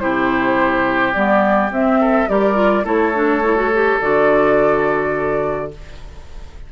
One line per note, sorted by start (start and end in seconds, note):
0.00 1.16 C3
0.00 1.13 E4
0.00 2.00 G4
0.00 1.13 C5
1.14 1.71 G3
1.14 1.72 B3
1.14 1.71 D5
1.71 2.28 C4
1.71 2.29 C4
1.71 2.29 E5
2.01 2.29 A4
2.29 2.85 G3
2.29 2.55 G4
2.29 2.85 A#4
2.29 2.86 D5
2.55 2.83 F4
2.85 3.98 A3
2.85 3.13 E4
2.85 5.68 A4
2.85 4.00 C#5
3.14 3.42 D4
3.44 3.56 E4
3.56 3.71 F#4
3.74 4.02 G4
4.02 5.72 D3
4.02 5.72 F#4
4.02 5.71 D5